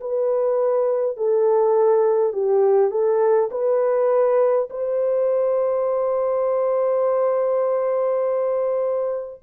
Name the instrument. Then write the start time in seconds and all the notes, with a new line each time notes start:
horn
0.00 B4
1.17 A4
2.33 G4
2.90 A4
3.51 B4
4.70 C5